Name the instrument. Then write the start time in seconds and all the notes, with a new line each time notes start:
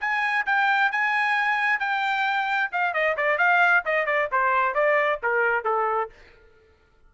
trumpet
0.00 G#5
0.46 G5
0.91 G#5
1.79 G5
2.72 F5
2.93 D#5
3.17 D5
3.38 F5
3.85 D#5
4.06 D5
4.31 C5
4.74 D5
5.23 A#4
5.64 A4